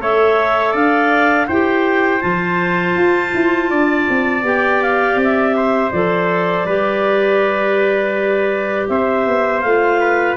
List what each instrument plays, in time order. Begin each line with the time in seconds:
0.00 tuba A3, clarinet A4 E5, trumpet C#5
0.72 tuba D4, trumpet D5, clarinet F5
1.48 tuba E4, clarinet G4 G5, trumpet C5
2.21 tuba F3, clarinet F4 A5
2.96 tuba F4
3.35 tuba E4
3.71 tuba D4, trumpet D5
4.10 tuba C4
4.43 tuba B3, clarinet G4 G5
4.83 clarinet F5
5.16 tuba C4
5.24 clarinet E5
5.56 trumpet C5
5.92 tuba F3, clarinet A4 D5
6.65 tuba G3, clarinet G4, trumpet B4
8.89 tuba C4, trumpet C5, clarinet E5
9.27 tuba B3
9.62 tuba A3, clarinet F4 F5
10.00 trumpet B4